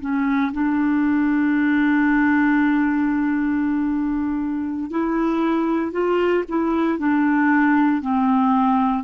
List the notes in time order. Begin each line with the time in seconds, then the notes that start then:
0.00 C#4
0.53 D4
4.90 E4
5.92 F4
6.48 E4
6.98 D4
8.01 C4